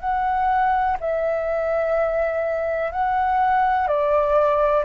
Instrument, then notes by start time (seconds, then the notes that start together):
flute
0.00 F#5
1.00 E5
2.92 F#5
3.88 D5